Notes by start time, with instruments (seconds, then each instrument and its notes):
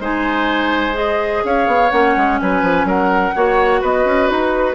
0.00 bassoon G#3, clarinet D#4, oboe C5, flute G#5
0.93 clarinet G#4, flute D#5
1.45 bassoon C#4, oboe C#5, flute F5
1.67 bassoon B3
1.91 bassoon A#3, clarinet C#4, flute F#5
2.17 bassoon G#3
2.40 bassoon F#3, oboe B4, flute G#5
2.63 bassoon F3
2.85 bassoon F#3, oboe A#4, flute F#5
3.35 bassoon A#3, clarinet F#4, oboe C#5
3.81 bassoon B3, oboe B4, flute D#5
4.06 bassoon C#4
4.29 bassoon D#4, flute B4